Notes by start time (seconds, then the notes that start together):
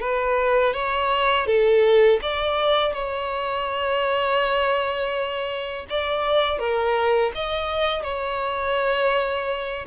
0.00 B4
0.73 C#5
1.46 A4
2.22 D5
2.93 C#5
5.89 D5
6.58 A#4
7.34 D#5
8.03 C#5